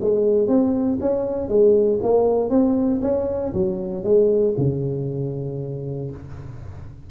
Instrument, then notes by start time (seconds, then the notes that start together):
tuba
0.00 G#3
0.47 C4
1.00 C#4
1.48 G#3
2.02 A#3
2.50 C4
3.02 C#4
3.53 F#3
4.04 G#3
4.58 C#3